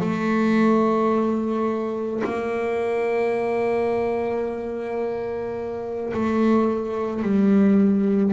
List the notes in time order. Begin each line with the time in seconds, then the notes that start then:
0.00 A3
2.23 A#3
6.13 A3
7.22 G3